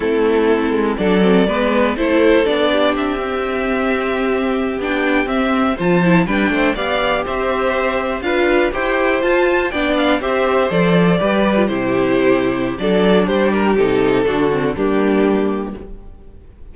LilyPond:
<<
  \new Staff \with { instrumentName = "violin" } { \time 4/4 \tempo 4 = 122 a'2 d''2 | c''4 d''4 e''2~ | e''4.~ e''16 g''4 e''4 a''16~ | a''8. g''4 f''4 e''4~ e''16~ |
e''8. f''4 g''4 a''4 g''16~ | g''16 f''8 e''4 d''2 c''16~ | c''2 d''4 c''8 ais'8 | a'2 g'2 | }
  \new Staff \with { instrumentName = "violin" } { \time 4/4 e'2 a'4 b'4 | a'4. g'2~ g'8~ | g'2.~ g'8. c''16~ | c''8. b'8 c''8 d''4 c''4~ c''16~ |
c''8. b'4 c''2 d''16~ | d''8. c''2 b'4 g'16~ | g'2 a'4 g'4~ | g'4 fis'4 d'2 | }
  \new Staff \with { instrumentName = "viola" } { \time 4/4 c'2 d'8 c'8 b4 | e'4 d'4. c'4.~ | c'4.~ c'16 d'4 c'4 f'16~ | f'16 e'8 d'4 g'2~ g'16~ |
g'8. f'4 g'4 f'4 d'16~ | d'8. g'4 a'4 g'8. f'16 e'16~ | e'2 d'2 | dis'4 d'8 c'8 ais2 | }
  \new Staff \with { instrumentName = "cello" } { \time 4/4 a4. gis8 fis4 gis4 | a4 b4 c'2~ | c'4.~ c'16 b4 c'4 f16~ | f8. g8 a8 b4 c'4~ c'16~ |
c'8. d'4 e'4 f'4 b16~ | b8. c'4 f4 g4 c16~ | c2 fis4 g4 | c4 d4 g2 | }
>>